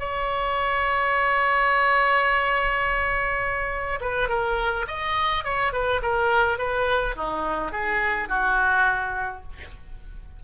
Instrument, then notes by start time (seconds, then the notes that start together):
oboe
0.00 C#5
4.01 B4
4.29 A#4
4.88 D#5
5.45 C#5
5.73 B4
6.03 A#4
6.59 B4
7.16 D#4
7.72 G#4
8.29 F#4